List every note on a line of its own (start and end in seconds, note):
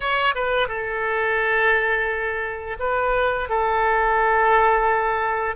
0.00 0.34 C#5
0.35 0.68 B4
0.68 2.77 A4
2.79 3.49 B4
3.49 5.55 A4